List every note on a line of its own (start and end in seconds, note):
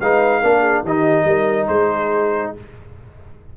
0.00 0.42 G#3
0.00 0.43 D#4
0.00 0.40 B4
0.00 0.85 F5
0.40 0.83 A#3
0.40 0.85 D4
0.40 0.60 A#4
0.60 0.82 G#4
0.83 1.24 D#3
0.83 2.57 D#4
0.83 1.25 G4
0.83 1.67 D#5
1.24 1.67 G3
1.24 1.68 A#4
1.67 2.52 G#3
1.67 2.55 G#4
1.67 2.52 C5